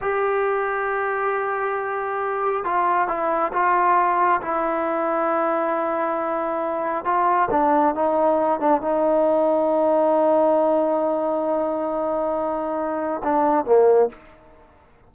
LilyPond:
\new Staff \with { instrumentName = "trombone" } { \time 4/4 \tempo 4 = 136 g'1~ | g'2 f'4 e'4 | f'2 e'2~ | e'1 |
f'4 d'4 dis'4. d'8 | dis'1~ | dis'1~ | dis'2 d'4 ais4 | }